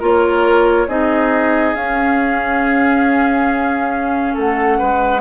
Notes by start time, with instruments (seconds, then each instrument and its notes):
0.00 bassoon A#3, clarinet F4, oboe A#4, flute C#5
0.87 bassoon C4, clarinet D#4, oboe G#4, flute D#5
1.74 bassoon C#4, clarinet C#4, flute F5
4.34 bassoon A3, oboe A4, flute F#5
4.78 bassoon G#3, oboe B4